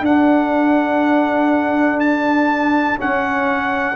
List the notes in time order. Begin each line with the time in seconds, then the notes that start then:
0.00 D4 A4 F#5
2.00 A5
2.97 C#4 F#5